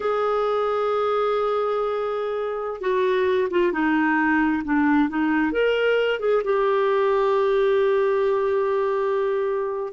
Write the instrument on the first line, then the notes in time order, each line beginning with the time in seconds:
clarinet
0.00 G#4
2.80 F#4
3.50 F4
3.72 D#4
4.64 D4
5.09 D#4
5.52 A#4
6.19 G#4
6.44 G4